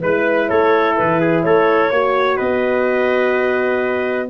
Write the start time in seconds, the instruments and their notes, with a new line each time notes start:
0.00 tuba G#3, horn E4, clarinet B4, trumpet B4
0.48 tuba A3, trumpet A4, clarinet C#5
0.96 tuba E3, clarinet B4
1.20 trumpet G#4
1.43 tuba A3, trumpet A4, clarinet C#5
1.90 tuba A#3, horn F#4, trumpet C#5
2.37 tuba B3, trumpet B4, clarinet D#5